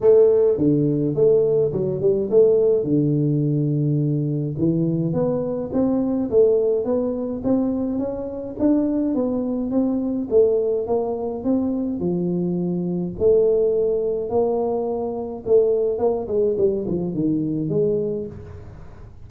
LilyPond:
\new Staff \with { instrumentName = "tuba" } { \time 4/4 \tempo 4 = 105 a4 d4 a4 fis8 g8 | a4 d2. | e4 b4 c'4 a4 | b4 c'4 cis'4 d'4 |
b4 c'4 a4 ais4 | c'4 f2 a4~ | a4 ais2 a4 | ais8 gis8 g8 f8 dis4 gis4 | }